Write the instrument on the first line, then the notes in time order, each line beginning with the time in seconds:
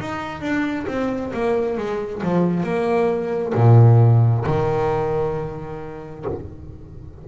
double bass
0.00 D#4
0.41 D4
0.88 C4
1.34 A#3
1.77 G#3
2.23 F3
2.64 A#3
3.55 A#2
4.47 D#3